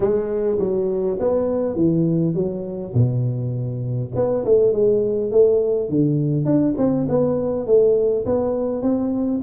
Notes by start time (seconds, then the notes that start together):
0.00 G#3
0.59 F#3
1.19 B3
1.75 E3
2.34 F#3
2.94 B2
4.15 B3
4.44 A3
4.72 G#3
5.31 A3
5.89 D3
6.45 D4
6.77 C4
7.09 B3
7.66 A3
8.25 B3
8.82 C4